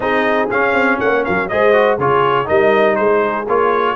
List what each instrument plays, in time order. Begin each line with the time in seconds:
0.00 tuba C4, trombone D#4, horn G#4, trumpet D#5
0.50 trombone C#4, tuba C#4, trumpet F5
0.73 tuba C4
0.99 tuba A#3, horn C#5, trumpet F#5
1.24 tuba F#3, horn A#4, trumpet F5
1.48 tuba G#3, trombone G#4, horn C5, trumpet D#5
1.73 trombone F#4
1.98 tuba C#3, trombone F4, horn G#4, trumpet C#5
2.45 tuba G3, trombone D#4, horn A#4, trumpet D#5
2.95 tuba G#3, horn G#4, trumpet C5
3.48 tuba A#3, trombone F4, trumpet C#5